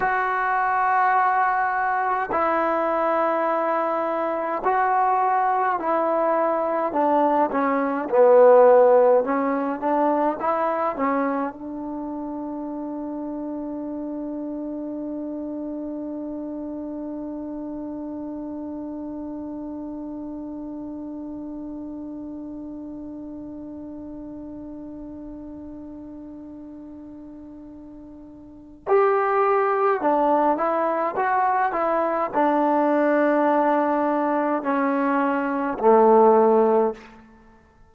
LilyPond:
\new Staff \with { instrumentName = "trombone" } { \time 4/4 \tempo 4 = 52 fis'2 e'2 | fis'4 e'4 d'8 cis'8 b4 | cis'8 d'8 e'8 cis'8 d'2~ | d'1~ |
d'1~ | d'1~ | d'4 g'4 d'8 e'8 fis'8 e'8 | d'2 cis'4 a4 | }